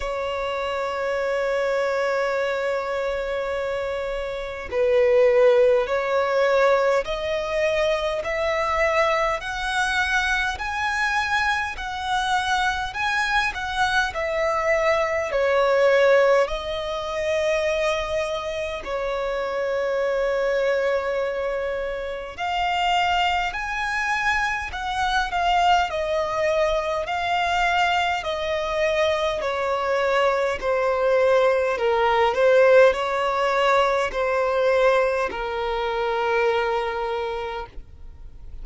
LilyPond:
\new Staff \with { instrumentName = "violin" } { \time 4/4 \tempo 4 = 51 cis''1 | b'4 cis''4 dis''4 e''4 | fis''4 gis''4 fis''4 gis''8 fis''8 | e''4 cis''4 dis''2 |
cis''2. f''4 | gis''4 fis''8 f''8 dis''4 f''4 | dis''4 cis''4 c''4 ais'8 c''8 | cis''4 c''4 ais'2 | }